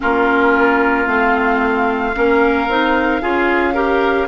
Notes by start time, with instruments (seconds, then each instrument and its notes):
0.00 bassoon A#3, clarinet C#4, oboe F4, flute A#4
1.06 bassoon A3, clarinet C4, flute F5
2.14 bassoon A#3, clarinet C#4, oboe A#4
2.67 bassoon C4, clarinet D#4
3.21 bassoon C#4, clarinet F4, oboe G#4
3.73 clarinet G4, oboe A#4